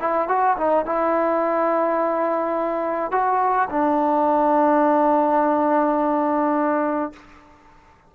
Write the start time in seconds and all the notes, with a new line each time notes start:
0.00 E4
0.28 F#4
0.57 D#4
0.85 E4
3.11 F#4
3.69 D4